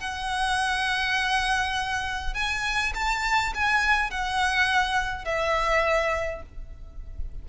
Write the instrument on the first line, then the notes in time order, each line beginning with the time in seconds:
violin
0.00 F#5
2.34 G#5
2.94 A5
3.54 G#5
4.10 F#5
5.25 E5